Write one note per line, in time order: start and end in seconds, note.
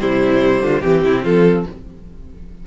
0.00 0.62 C3
0.00 0.83 G3
0.00 0.64 E4
0.00 0.83 C5
0.62 0.83 D3
0.62 0.80 F4
0.80 1.05 E3
0.80 1.66 C4
0.80 1.01 G4
0.80 1.25 G4
1.05 1.25 C3
1.05 1.24 E4
1.24 1.66 F3
1.24 1.65 F4
1.24 1.67 A4